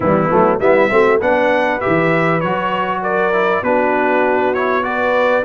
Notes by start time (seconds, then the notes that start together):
0.00 E3 G3 B3 E4
0.30 F#3 A3
0.59 G3 B3 E4 E5
0.90 A3 C4 F#4
1.19 B3 D4 B4 F#5
1.80 G4 E5
1.86 E3
2.40 F#3 F#4 C#5
3.02 A#4 D5
3.33 E4
3.62 B3 D4 F#4 B4
4.54 E4 C#5
4.82 F#4 B4 D5